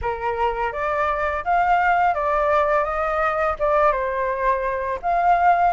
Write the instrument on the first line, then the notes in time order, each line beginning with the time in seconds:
flute
0.01 A#4
0.72 D5
1.44 F5
2.14 D5
2.84 D#5
3.59 D5
3.92 C5
5.02 F5